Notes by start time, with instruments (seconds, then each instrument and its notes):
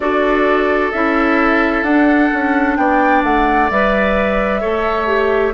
0.00 bassoon D4, clarinet F#4, oboe A4, flute D5
0.91 bassoon C#4, clarinet E4, flute E5
1.82 bassoon D4, clarinet D4, flute F#5
2.33 bassoon C#4
2.76 bassoon B3, oboe D5, flute G5
3.23 bassoon A3, flute F#5
3.70 bassoon G3, clarinet B4, flute E5
4.60 bassoon A3, clarinet A4, oboe C#5
5.06 clarinet G4